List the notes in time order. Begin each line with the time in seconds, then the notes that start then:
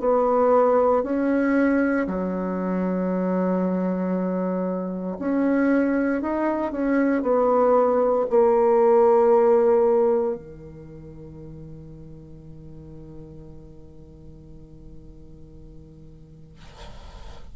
0.00 B3
1.03 C#4
2.07 F#3
5.19 C#4
6.22 D#4
6.72 C#4
7.22 B3
8.30 A#3
10.35 D#3